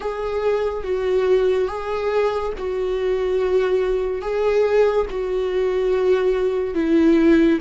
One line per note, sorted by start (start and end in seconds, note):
0.00 0.83 G#4
0.83 1.68 F#4
1.68 2.52 G#4
2.58 4.21 F#4
4.21 5.06 G#4
5.09 6.74 F#4
6.74 7.58 E4